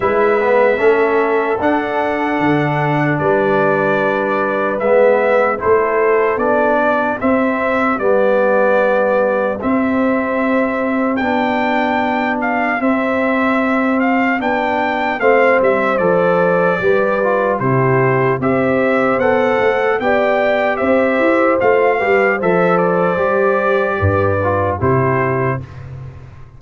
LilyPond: <<
  \new Staff \with { instrumentName = "trumpet" } { \time 4/4 \tempo 4 = 75 e''2 fis''2 | d''2 e''4 c''4 | d''4 e''4 d''2 | e''2 g''4. f''8 |
e''4. f''8 g''4 f''8 e''8 | d''2 c''4 e''4 | fis''4 g''4 e''4 f''4 | e''8 d''2~ d''8 c''4 | }
  \new Staff \with { instrumentName = "horn" } { \time 4/4 b'4 a'2. | b'2. a'4~ | a'8 g'2.~ g'8~ | g'1~ |
g'2. c''4~ | c''4 b'4 g'4 c''4~ | c''4 d''4 c''4. b'8 | c''2 b'4 g'4 | }
  \new Staff \with { instrumentName = "trombone" } { \time 4/4 e'8 b8 cis'4 d'2~ | d'2 b4 e'4 | d'4 c'4 b2 | c'2 d'2 |
c'2 d'4 c'4 | a'4 g'8 f'8 e'4 g'4 | a'4 g'2 f'8 g'8 | a'4 g'4. f'8 e'4 | }
  \new Staff \with { instrumentName = "tuba" } { \time 4/4 gis4 a4 d'4 d4 | g2 gis4 a4 | b4 c'4 g2 | c'2 b2 |
c'2 b4 a8 g8 | f4 g4 c4 c'4 | b8 a8 b4 c'8 e'8 a8 g8 | f4 g4 g,4 c4 | }
>>